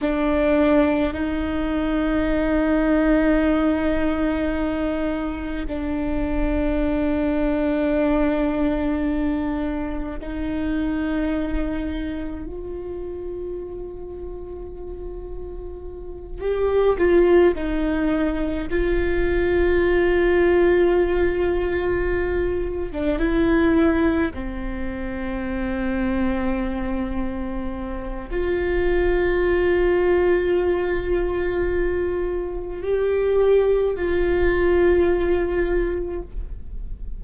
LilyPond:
\new Staff \with { instrumentName = "viola" } { \time 4/4 \tempo 4 = 53 d'4 dis'2.~ | dis'4 d'2.~ | d'4 dis'2 f'4~ | f'2~ f'8 g'8 f'8 dis'8~ |
dis'8 f'2.~ f'8~ | f'16 d'16 e'4 c'2~ c'8~ | c'4 f'2.~ | f'4 g'4 f'2 | }